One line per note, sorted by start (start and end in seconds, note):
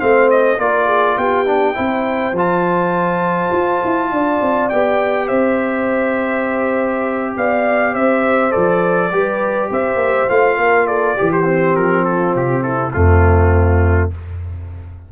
0.00 0.59 A3
0.00 0.59 C4
0.00 0.60 C5
0.00 0.30 F5
0.31 0.60 D#5
0.59 1.18 A#3
0.59 1.46 F4
0.59 0.87 A#4
0.59 1.18 D5
0.87 1.16 G#4
1.18 1.76 B3
1.18 1.76 G4
1.18 2.36 G5
1.46 1.75 D4
1.75 2.33 C4
1.75 2.34 E4
1.75 4.11 C5
2.33 3.50 F3
2.33 4.73 F4
2.39 4.70 A5
3.52 3.82 F4
3.85 4.12 E4
4.12 4.41 D4
4.12 5.27 D5
4.42 4.71 C4
4.70 5.31 B3
4.70 8.52 G4
4.70 5.28 G5
5.27 7.36 C4
5.27 7.33 C5
5.27 7.34 E5
7.37 7.96 B3
7.37 7.94 D5
7.37 7.95 F5
7.94 8.55 C4
7.94 9.11 C5
7.94 8.52 E5
8.52 9.11 F3
8.52 9.10 A4
8.52 9.70 D5
9.11 9.70 G3
9.11 10.29 G4
9.11 9.70 B4
9.70 9.96 C4
9.70 10.58 C5
9.70 10.30 E5
9.96 10.26 A#3
10.29 10.58 A3
10.29 11.18 F4
10.29 10.87 F5
10.58 11.17 A#3
10.58 10.87 A#4
10.87 11.16 A4
10.87 11.31 D5
11.16 11.77 E3
11.16 12.04 G4
11.16 11.44 G4
11.33 11.76 C5
11.44 12.92 C4
11.76 12.36 F3
11.76 12.05 A#4
12.05 12.64 F4
12.05 12.35 A4
12.36 12.94 C3
12.36 12.63 G4
12.63 12.93 E4
12.63 12.93 A4
12.94 14.13 F2
12.94 14.12 A3
12.94 14.12 C4
12.94 14.11 F4